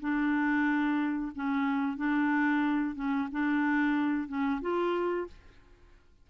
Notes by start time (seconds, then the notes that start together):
0.00 D4
1.35 C#4
1.97 D4
2.95 C#4
3.31 D4
4.28 C#4
4.61 F4